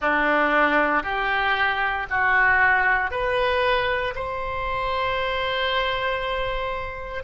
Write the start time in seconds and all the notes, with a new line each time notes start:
0.01 D4
1.03 G4
2.09 F#4
3.10 B4
4.15 C5